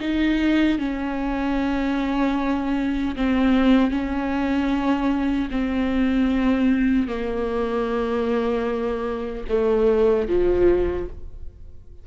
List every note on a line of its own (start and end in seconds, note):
0.00 0.79 D#4
0.79 3.15 C#4
3.16 3.91 C4
3.91 5.49 C#4
5.51 7.08 C4
7.08 9.44 A#3
9.49 10.28 A3
10.28 11.07 F3